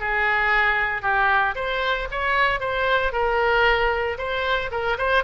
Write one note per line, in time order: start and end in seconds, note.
0.00 1.02 G#4
1.02 1.55 G4
1.55 2.08 C5
2.11 2.60 C#5
2.60 3.12 C5
3.12 4.17 A#4
4.18 4.70 C5
4.71 4.97 A#4
4.98 5.23 C5